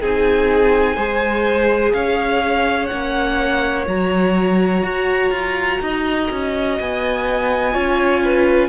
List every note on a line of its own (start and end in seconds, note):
0.00 0.96 C4
0.00 0.97 D#4
0.00 0.95 G#4
0.00 1.93 G#5
0.95 1.93 G#3
0.95 2.90 G#4
0.95 1.92 C5
1.93 2.90 C#4
1.93 5.80 C#5
1.93 2.86 F5
2.86 3.87 A#3
2.86 3.85 C#4
2.86 3.83 F#5
3.85 4.82 F#3
3.85 7.73 F#4
3.85 6.78 A#5
4.82 5.30 F#4
5.30 5.78 F4
5.81 6.29 D#4
5.81 7.73 D#5
6.30 6.79 C#4
6.79 7.74 B3
6.79 8.68 G#5
7.73 8.68 C#4
7.73 8.68 F4
7.73 8.22 C#5
8.24 8.68 B4